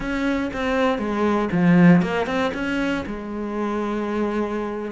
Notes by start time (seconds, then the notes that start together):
0.00 C#4
0.53 C4
0.98 G#3
1.51 F3
2.01 A#3
2.26 C4
2.53 C#4
3.06 G#3